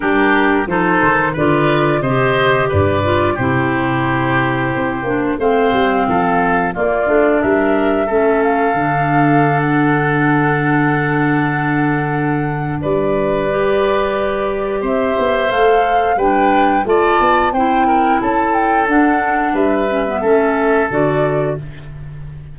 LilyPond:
<<
  \new Staff \with { instrumentName = "flute" } { \time 4/4 \tempo 4 = 89 ais'4 c''4 d''4 dis''4 | d''4 c''2. | f''2 d''4 e''4~ | e''8 f''4.~ f''16 fis''4.~ fis''16~ |
fis''2. d''4~ | d''2 e''4 f''4 | g''4 a''4 g''4 a''8 g''8 | fis''4 e''2 d''4 | }
  \new Staff \with { instrumentName = "oboe" } { \time 4/4 g'4 a'4 b'4 c''4 | b'4 g'2. | c''4 a'4 f'4 ais'4 | a'1~ |
a'2. b'4~ | b'2 c''2 | b'4 d''4 c''8 ais'8 a'4~ | a'4 b'4 a'2 | }
  \new Staff \with { instrumentName = "clarinet" } { \time 4/4 d'4 dis'4 f'4 g'4~ | g'8 f'8 e'2~ e'8 d'8 | c'2 ais8 d'4. | cis'4 d'2.~ |
d'1 | g'2. a'4 | d'4 f'4 e'2 | d'4. cis'16 b16 cis'4 fis'4 | }
  \new Staff \with { instrumentName = "tuba" } { \time 4/4 g4 f8 dis8 d4 c4 | g,4 c2 c'8 ais8 | a8 g8 f4 ais8 a8 g4 | a4 d2.~ |
d2. g4~ | g2 c'8 b8 a4 | g4 a8 b8 c'4 cis'4 | d'4 g4 a4 d4 | }
>>